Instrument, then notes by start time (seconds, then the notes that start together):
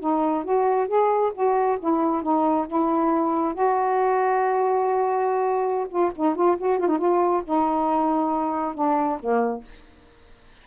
saxophone
0.00 D#4
0.44 F#4
0.88 G#4
1.34 F#4
1.80 E4
2.22 D#4
2.68 E4
3.54 F#4
5.89 F4
6.16 D#4
6.35 F4
6.58 F#4
6.79 F4
6.88 D#4
6.98 F4
7.45 D#4
8.74 D4
9.20 A#3